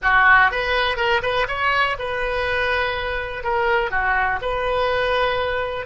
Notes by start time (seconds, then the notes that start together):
0.02 F#4
0.51 B4
0.96 A#4
1.22 B4
1.48 C#5
1.99 B4
3.43 A#4
3.90 F#4
4.41 B4